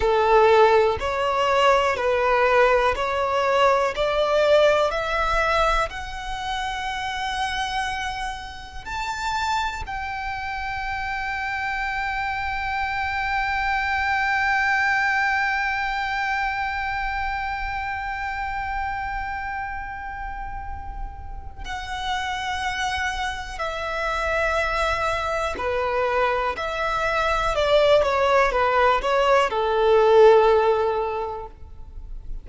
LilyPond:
\new Staff \with { instrumentName = "violin" } { \time 4/4 \tempo 4 = 61 a'4 cis''4 b'4 cis''4 | d''4 e''4 fis''2~ | fis''4 a''4 g''2~ | g''1~ |
g''1~ | g''2 fis''2 | e''2 b'4 e''4 | d''8 cis''8 b'8 cis''8 a'2 | }